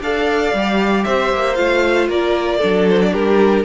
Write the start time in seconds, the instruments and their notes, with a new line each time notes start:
0.00 cello D4, viola A4, violin D5 F5
0.53 cello G3, viola G4
1.04 cello C4, violin C5 E5
1.33 cello A#3
1.55 cello A3, viola F4, violin F5
2.08 cello A#3, violin A#4 D5
2.58 cello F#3, viola D4, violin A4
2.89 violin C5
3.02 violin D5
3.12 cello G3, violin G4 A#4